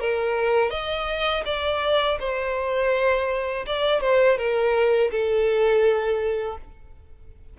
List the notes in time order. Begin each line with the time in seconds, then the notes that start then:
0.00 A#4
0.71 D#5
1.45 D5
2.20 C5
3.67 D5
4.01 C5
4.38 A#4
5.12 A4